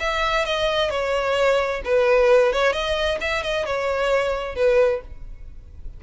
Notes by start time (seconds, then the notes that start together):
0.00 E5
0.45 D#5
0.90 C#5
1.85 B4
2.53 C#5
2.73 D#5
3.21 E5
3.43 D#5
3.66 C#5
4.55 B4